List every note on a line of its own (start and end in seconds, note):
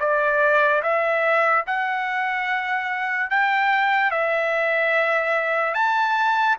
0.00 0.82 D5
0.83 1.65 E5
1.67 3.30 F#5
3.30 4.11 G5
4.11 5.74 E5
5.74 6.56 A5